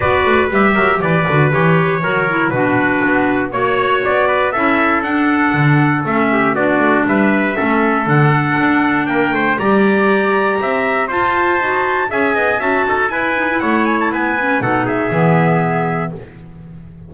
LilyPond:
<<
  \new Staff \with { instrumentName = "trumpet" } { \time 4/4 \tempo 4 = 119 d''4 e''4 d''4 cis''4~ | cis''4 b'2 cis''4 | d''4 e''4 fis''2 | e''4 d''4 e''2 |
fis''2 g''4 ais''4~ | ais''2 a''2 | gis''4 a''4 gis''4 fis''8 gis''16 a''16 | gis''4 fis''8 e''2~ e''8 | }
  \new Staff \with { instrumentName = "trumpet" } { \time 4/4 b'4. ais'8 b'2 | ais'4 fis'2 cis''4~ | cis''8 b'8 a'2.~ | a'8 g'8 fis'4 b'4 a'4~ |
a'2 ais'8 c''8 d''4~ | d''4 e''4 c''2 | e''8 dis''8 e''8 a'8 b'4 cis''4 | b'4 a'8 gis'2~ gis'8 | }
  \new Staff \with { instrumentName = "clarinet" } { \time 4/4 fis'4 g'4. fis'8 g'4 | fis'8 e'8 d'2 fis'4~ | fis'4 e'4 d'2 | cis'4 d'2 cis'4 |
d'2. g'4~ | g'2 f'4 fis'4 | gis'4 fis'4 e'8 dis'16 e'4~ e'16~ | e'8 cis'8 dis'4 b2 | }
  \new Staff \with { instrumentName = "double bass" } { \time 4/4 b8 a8 g8 fis8 e8 d8 e4 | fis4 b,4 b4 ais4 | b4 cis'4 d'4 d4 | a4 b8 a8 g4 a4 |
d4 d'4 ais8 a8 g4~ | g4 c'4 f'4 dis'4 | cis'8 b8 cis'8 dis'8 e'4 a4 | b4 b,4 e2 | }
>>